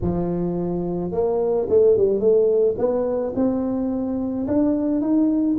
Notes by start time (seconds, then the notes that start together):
0.02 F3
1.11 A#3
1.69 A3
1.97 G3
2.19 A3
2.78 B3
3.35 C4
4.47 D4
5.01 D#4